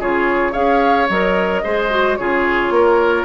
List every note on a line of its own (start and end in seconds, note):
0.00 0.55 C#3
0.00 0.53 F4
0.00 0.53 G#4
0.00 0.53 C#5
0.53 1.10 C#4
0.53 1.08 G#4
0.53 1.62 C#5
0.53 1.08 F5
1.09 1.64 F#3
1.09 1.65 A#4
1.09 2.16 D#5
1.64 2.20 G#3
1.64 1.91 G#4
1.64 2.18 C5
1.91 2.18 F#4
2.16 2.70 C#3
2.16 3.25 F4
2.16 2.74 G#4
2.16 3.25 C#5
2.70 3.25 A#3
2.70 3.25 A#4